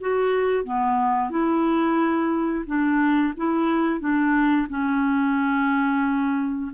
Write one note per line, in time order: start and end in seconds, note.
0.00 0.63 F#4
0.63 1.30 B3
1.30 2.64 E4
2.66 3.33 D4
3.36 4.00 E4
4.00 4.67 D4
4.69 6.71 C#4